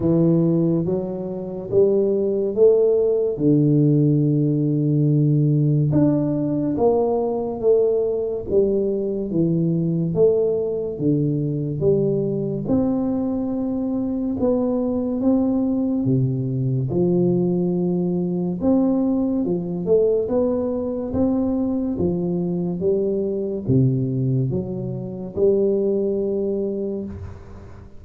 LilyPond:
\new Staff \with { instrumentName = "tuba" } { \time 4/4 \tempo 4 = 71 e4 fis4 g4 a4 | d2. d'4 | ais4 a4 g4 e4 | a4 d4 g4 c'4~ |
c'4 b4 c'4 c4 | f2 c'4 f8 a8 | b4 c'4 f4 g4 | c4 fis4 g2 | }